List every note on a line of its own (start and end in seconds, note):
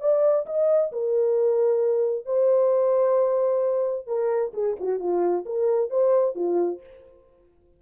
0.00 0.45 D5
0.46 0.91 D#5
0.92 2.25 A#4
2.25 4.07 C5
4.07 4.52 A#4
4.53 4.76 G#4
4.79 4.99 F#4
4.99 5.45 F4
5.45 5.90 A#4
5.90 6.35 C5
6.35 6.80 F4